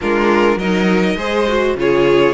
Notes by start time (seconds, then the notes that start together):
0.01 G#3 D4 F4 A#4
0.56 F#3 D#4 A#4 D#5
1.15 G#3 G#4 C5
1.48 F#4
1.75 C#3 F4 G#4 C#5